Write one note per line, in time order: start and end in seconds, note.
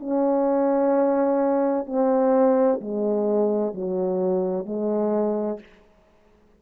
0.00 1.87 C#4
1.87 2.80 C4
2.81 3.74 G#3
3.74 4.66 F#3
4.66 5.60 G#3